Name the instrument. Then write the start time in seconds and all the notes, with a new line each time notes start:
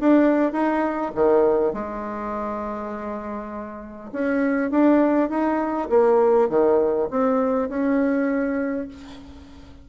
bassoon
0.00 D4
0.52 D#4
1.15 D#3
1.73 G#3
4.12 C#4
4.71 D4
5.29 D#4
5.90 A#3
6.49 D#3
7.10 C4
7.69 C#4